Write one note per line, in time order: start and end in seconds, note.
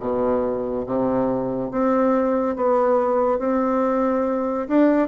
0.00 0.86 B2
0.86 1.71 C3
1.71 2.56 C4
2.56 3.39 B3
3.39 4.68 C4
4.68 5.08 D4